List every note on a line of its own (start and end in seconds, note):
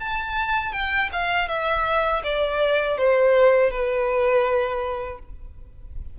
0.00 0.73 A5
0.73 1.10 G5
1.13 1.49 F5
1.49 2.23 E5
2.24 2.98 D5
2.98 3.71 C5
3.71 5.19 B4